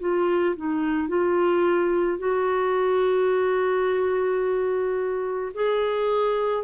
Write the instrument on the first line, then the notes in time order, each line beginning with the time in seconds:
clarinet
0.00 F4
0.57 D#4
1.08 F4
2.19 F#4
5.54 G#4